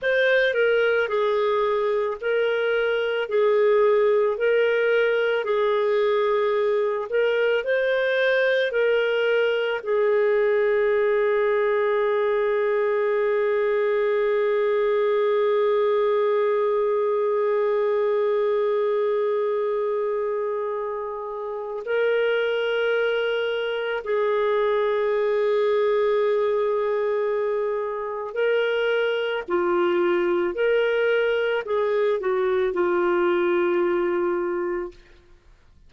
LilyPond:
\new Staff \with { instrumentName = "clarinet" } { \time 4/4 \tempo 4 = 55 c''8 ais'8 gis'4 ais'4 gis'4 | ais'4 gis'4. ais'8 c''4 | ais'4 gis'2.~ | gis'1~ |
gis'1 | ais'2 gis'2~ | gis'2 ais'4 f'4 | ais'4 gis'8 fis'8 f'2 | }